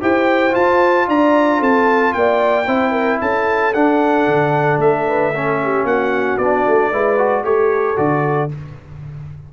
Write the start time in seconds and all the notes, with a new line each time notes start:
0.00 E4 G4 C5 G5
0.51 F4 A5
1.08 D4 D5 A#5
1.59 C4 A4 A5
2.13 A#3 D5 G5
2.67 C4 E4 C5
2.91 A#4
3.21 C#4 A4 A5
3.73 D4 F#5
4.27 D3
4.77 A3 E5
5.07 B4
5.33 C#4 A4
5.63 G4
5.84 A#3 F#4 F#5
6.37 B3 D4 D5
6.67 A3
6.91 G#3 E4 B4
7.17 F#4
7.43 A3 G4 A4 C#5
7.96 D3 F#4 D5